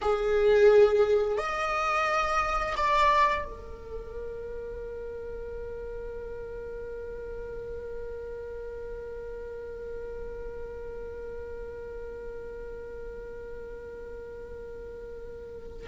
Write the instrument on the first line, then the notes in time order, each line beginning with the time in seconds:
viola
0.01 G#4
1.37 D#5
2.76 D5
3.45 A#4